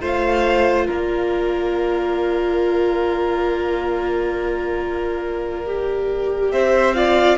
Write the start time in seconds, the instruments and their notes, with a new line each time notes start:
0.00 cello A3, viola F4, violin C5 F5
0.87 cello A#3, violin A#4 D5
5.66 viola G4
6.51 cello C4, violin C5 E5
6.94 viola F4, violin D5 F5